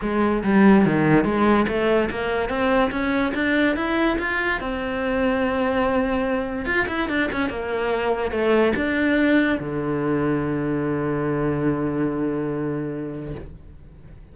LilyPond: \new Staff \with { instrumentName = "cello" } { \time 4/4 \tempo 4 = 144 gis4 g4 dis4 gis4 | a4 ais4 c'4 cis'4 | d'4 e'4 f'4 c'4~ | c'1 |
f'8 e'8 d'8 cis'8 ais2 | a4 d'2 d4~ | d1~ | d1 | }